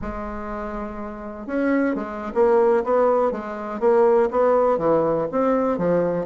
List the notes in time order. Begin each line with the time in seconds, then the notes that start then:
0.01 G#3
1.46 C#4
1.95 G#3
2.34 A#3
2.84 B3
3.31 G#3
3.80 A#3
4.30 B3
4.77 E3
5.31 C4
5.78 F3